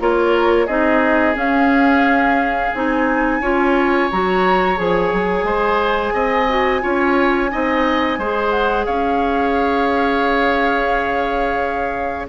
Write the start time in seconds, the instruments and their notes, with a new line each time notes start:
0.00 bassoon A#3, clarinet F4, oboe A#4, flute C#5
0.66 bassoon C4, clarinet D#4, oboe G#4, flute D#5
1.35 clarinet C#4, bassoon C#4, flute F5
2.74 bassoon C4, clarinet D#4, flute G#5
3.41 bassoon C#4, clarinet F4, oboe C#5
4.11 bassoon F#3, clarinet F#4, flute A#5
4.77 bassoon F3, clarinet G#4, flute G#5
5.13 bassoon F#3
5.44 bassoon G#3, oboe C5
6.14 bassoon C4, oboe D#5
6.49 clarinet F#4
6.82 bassoon C#4, clarinet F4, oboe C#5
7.50 bassoon C4, clarinet D#4, oboe D#5
8.18 bassoon G#3, clarinet G#4, oboe C5
8.50 flute F#5
8.86 bassoon C#4, oboe C#5, flute F5